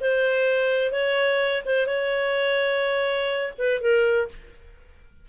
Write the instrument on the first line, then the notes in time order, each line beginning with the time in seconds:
clarinet
0.00 C5
0.91 C#5
1.65 C5
1.86 C#5
3.58 B4
3.81 A#4